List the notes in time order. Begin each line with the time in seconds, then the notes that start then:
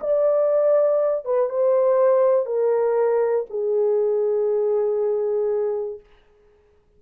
0.00 D5
1.25 B4
1.49 C5
2.46 A#4
3.50 G#4